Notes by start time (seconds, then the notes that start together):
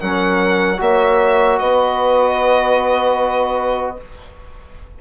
0.00 F#3 C#4 A#4 F#5
0.78 A#3 F#4 C#5 E5
1.59 B3 B4 D#5